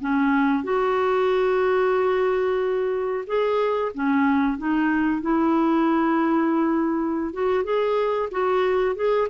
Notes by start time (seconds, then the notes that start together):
0.00 C#4
0.63 F#4
3.27 G#4
3.94 C#4
4.58 D#4
5.21 E4
7.33 F#4
7.64 G#4
8.31 F#4
8.95 G#4